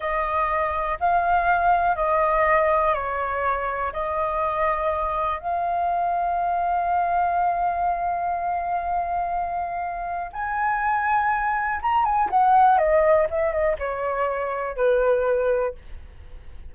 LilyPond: \new Staff \with { instrumentName = "flute" } { \time 4/4 \tempo 4 = 122 dis''2 f''2 | dis''2 cis''2 | dis''2. f''4~ | f''1~ |
f''1~ | f''4 gis''2. | ais''8 gis''8 fis''4 dis''4 e''8 dis''8 | cis''2 b'2 | }